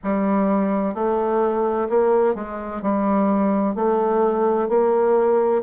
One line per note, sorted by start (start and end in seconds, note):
0.03 0.94 G3
0.94 1.88 A3
1.89 2.34 A#3
2.34 2.81 G#3
2.82 3.75 G3
3.75 4.68 A3
4.68 5.62 A#3